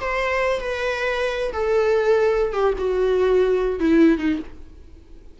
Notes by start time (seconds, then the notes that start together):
0.00 C5
0.60 B4
1.52 A4
2.53 G4
2.78 F#4
3.79 E4
4.18 D#4